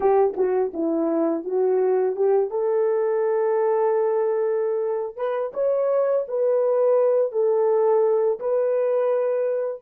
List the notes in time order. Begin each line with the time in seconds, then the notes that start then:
0.00 G4
0.36 F#4
0.73 E4
1.44 F#4
2.16 G4
2.50 A4
5.16 B4
5.53 C#5
6.28 B4
7.31 A4
8.39 B4